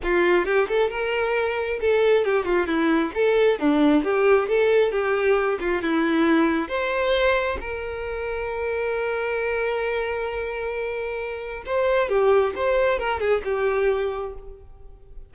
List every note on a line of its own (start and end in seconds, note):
0.03 0.45 F4
0.45 0.67 G4
0.68 0.90 A4
0.90 1.79 A#4
1.80 2.24 A4
2.24 2.44 G4
2.44 2.66 F4
2.66 3.11 E4
3.14 3.59 A4
3.59 4.04 D4
4.04 4.48 G4
4.48 4.91 A4
4.91 5.58 G4
5.60 5.81 F4
5.81 6.68 E4
6.68 7.58 C5
7.60 11.63 A#4
11.66 12.09 C5
12.09 12.53 G4
12.55 12.99 C5
12.99 13.19 A#4
13.19 13.42 G#4
13.44 14.33 G4